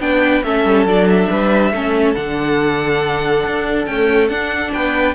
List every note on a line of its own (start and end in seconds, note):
0.00 0.43 B3
0.00 0.43 D4
0.00 0.46 B4
0.00 0.44 G5
0.44 0.65 A3
0.44 0.87 C#4
0.44 1.31 A4
0.44 0.87 E5
0.65 0.85 G3
0.85 1.28 F#3
0.85 1.73 D4
0.85 1.09 D5
1.09 2.15 E5
1.31 1.73 G3
1.31 1.73 B4
1.73 2.16 A3
1.73 2.16 C#4
1.73 4.73 A4
2.15 3.46 D3
2.15 3.87 D4
2.15 3.86 F#5
3.47 3.87 D4
3.86 4.30 A3
3.86 4.30 C#4
3.86 4.29 G5
4.29 4.72 D4
4.29 5.15 D4
4.29 4.72 F#5
4.73 5.15 B3
4.73 5.15 B4
4.73 5.15 G5